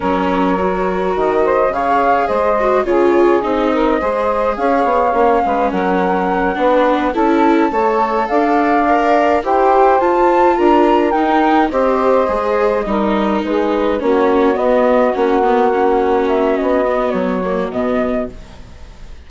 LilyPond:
<<
  \new Staff \with { instrumentName = "flute" } { \time 4/4 \tempo 4 = 105 cis''2 dis''4 f''4 | dis''4 cis''4 dis''2 | f''2 fis''2~ | fis''8 a''2 f''4.~ |
f''8 g''4 a''4 ais''4 g''8~ | g''8 dis''2. b'8~ | b'8 cis''4 dis''4 fis''4.~ | fis''8 e''8 dis''4 cis''4 dis''4 | }
  \new Staff \with { instrumentName = "saxophone" } { \time 4/4 ais'2~ ais'8 c''8 cis''4 | c''4 gis'4. ais'8 c''4 | cis''4. b'8 ais'4. b'8~ | b'8 a'4 cis''4 d''4.~ |
d''8 c''2 ais'4.~ | ais'8 c''2 ais'4 gis'8~ | gis'8 fis'2.~ fis'8~ | fis'1 | }
  \new Staff \with { instrumentName = "viola" } { \time 4/4 cis'4 fis'2 gis'4~ | gis'8 fis'8 f'4 dis'4 gis'4~ | gis'4 cis'2~ cis'8 d'8~ | d'8 e'4 a'2 ais'8~ |
ais'8 g'4 f'2 dis'8~ | dis'8 g'4 gis'4 dis'4.~ | dis'8 cis'4 b4 cis'8 b8 cis'8~ | cis'4. b4 ais8 b4 | }
  \new Staff \with { instrumentName = "bassoon" } { \time 4/4 fis2 dis4 cis4 | gis4 cis4 c'4 gis4 | cis'8 b8 ais8 gis8 fis4. b8~ | b8 cis'4 a4 d'4.~ |
d'8 e'4 f'4 d'4 dis'8~ | dis'8 c'4 gis4 g4 gis8~ | gis8 ais4 b4 ais4.~ | ais4 b4 fis4 b,4 | }
>>